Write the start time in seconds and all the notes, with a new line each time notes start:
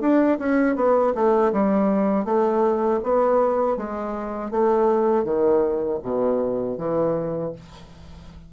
0.00 D4
0.39 C#4
0.75 B3
1.14 A3
1.52 G3
2.25 A3
3.03 B3
3.76 G#3
4.50 A3
5.24 D#3
6.02 B2
6.77 E3